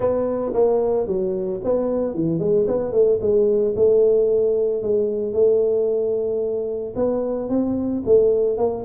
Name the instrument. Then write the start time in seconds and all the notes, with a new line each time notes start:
tuba
0.00 B3
0.53 A#3
1.06 F#3
1.64 B3
2.14 E3
2.39 G#3
2.67 B3
2.92 A3
3.21 G#3
3.76 A3
4.82 G#3
5.33 A3
6.95 B3
7.49 C4
8.05 A3
8.57 A#3